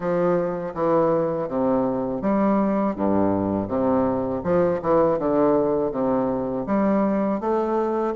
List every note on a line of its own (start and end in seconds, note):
0.00 0.73 F3
0.74 1.48 E3
1.48 2.21 C3
2.21 2.95 G3
2.95 3.67 G2
3.67 4.41 C3
4.43 4.80 F3
4.81 5.18 E3
5.18 5.91 D3
5.91 6.65 C3
6.66 7.40 G3
7.40 8.14 A3